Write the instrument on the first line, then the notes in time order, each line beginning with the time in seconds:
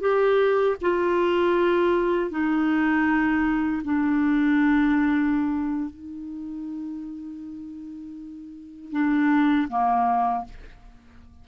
clarinet
0.00 G4
0.81 F4
2.30 D#4
3.84 D4
5.90 D#4
8.91 D4
9.68 A#3